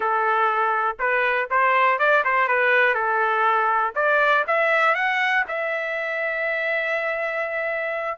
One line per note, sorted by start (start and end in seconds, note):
0.00 0.96 A4
0.99 1.48 B4
1.50 1.98 C5
1.98 2.23 D5
2.24 2.47 C5
2.47 2.94 B4
2.94 3.93 A4
3.95 4.44 D5
4.47 4.94 E5
4.94 5.44 F#5
5.47 8.18 E5